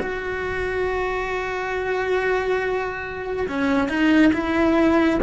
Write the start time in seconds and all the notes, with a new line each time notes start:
0.00 F#4
3.49 C#4
3.89 D#4
4.34 E4